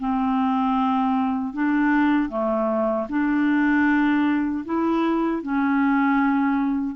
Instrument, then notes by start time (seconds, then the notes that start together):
clarinet
0.00 C4
1.54 D4
2.30 A3
3.09 D4
4.65 E4
5.42 C#4